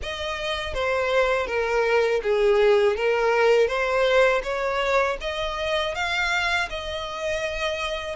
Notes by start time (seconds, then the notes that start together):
0.02 D#5
0.73 C5
1.46 A#4
2.22 G#4
2.96 A#4
3.67 C5
4.43 C#5
5.21 D#5
5.94 F5
6.69 D#5